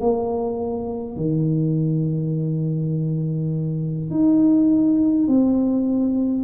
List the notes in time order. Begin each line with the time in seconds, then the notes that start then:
0.00 A#3
1.16 D#3
4.10 D#4
5.28 C4